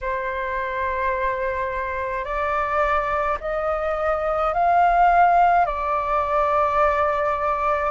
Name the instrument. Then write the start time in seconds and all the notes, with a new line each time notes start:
flute
0.01 C5
2.24 D5
3.40 D#5
4.53 F5
5.65 D5